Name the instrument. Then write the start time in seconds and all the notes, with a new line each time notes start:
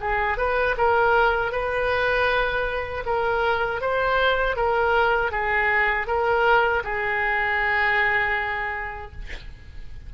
oboe
0.00 G#4
0.37 B4
0.77 A#4
1.52 B4
3.06 A#4
3.81 C5
4.56 A#4
5.31 G#4
6.07 A#4
6.84 G#4